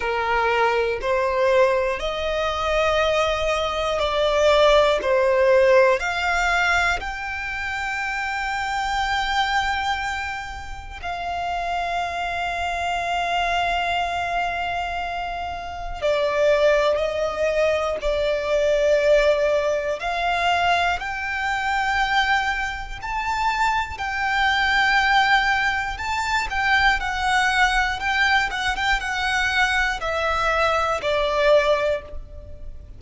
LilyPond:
\new Staff \with { instrumentName = "violin" } { \time 4/4 \tempo 4 = 60 ais'4 c''4 dis''2 | d''4 c''4 f''4 g''4~ | g''2. f''4~ | f''1 |
d''4 dis''4 d''2 | f''4 g''2 a''4 | g''2 a''8 g''8 fis''4 | g''8 fis''16 g''16 fis''4 e''4 d''4 | }